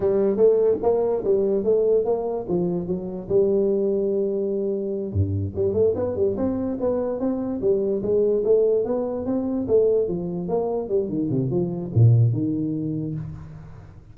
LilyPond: \new Staff \with { instrumentName = "tuba" } { \time 4/4 \tempo 4 = 146 g4 a4 ais4 g4 | a4 ais4 f4 fis4 | g1~ | g8 g,4 g8 a8 b8 g8 c'8~ |
c'8 b4 c'4 g4 gis8~ | gis8 a4 b4 c'4 a8~ | a8 f4 ais4 g8 dis8 c8 | f4 ais,4 dis2 | }